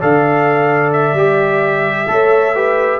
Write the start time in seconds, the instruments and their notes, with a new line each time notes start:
0.00 tuba D3, trombone A4, horn D5, trumpet F5
0.92 trumpet E5
1.13 tuba G3, trombone G4
2.07 tuba A3, trombone A4, horn C#5
2.54 trombone G4, horn B4